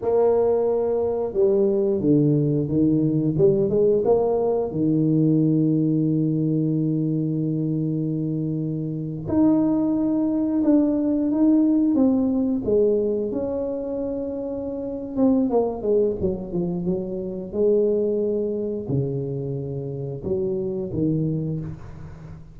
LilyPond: \new Staff \with { instrumentName = "tuba" } { \time 4/4 \tempo 4 = 89 ais2 g4 d4 | dis4 g8 gis8 ais4 dis4~ | dis1~ | dis4.~ dis16 dis'2 d'16~ |
d'8. dis'4 c'4 gis4 cis'16~ | cis'2~ cis'8 c'8 ais8 gis8 | fis8 f8 fis4 gis2 | cis2 fis4 dis4 | }